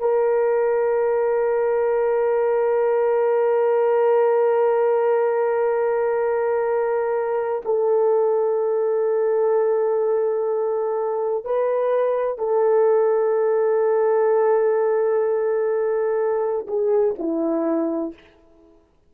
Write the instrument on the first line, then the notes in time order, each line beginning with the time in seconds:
horn
0.00 A#4
7.65 A4
11.45 B4
12.39 A4
16.68 G#4
17.19 E4